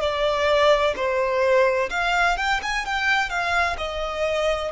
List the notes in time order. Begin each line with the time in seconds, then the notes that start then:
0.00 D5
0.96 C5
1.90 F5
2.37 G5
2.62 G#5
2.86 G5
3.29 F5
3.78 D#5